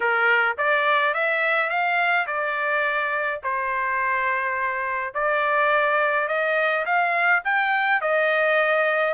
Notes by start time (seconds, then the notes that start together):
0.00 A#4
0.57 D5
1.14 E5
1.69 F5
2.26 D5
3.43 C5
5.14 D5
6.28 D#5
6.85 F5
7.44 G5
8.01 D#5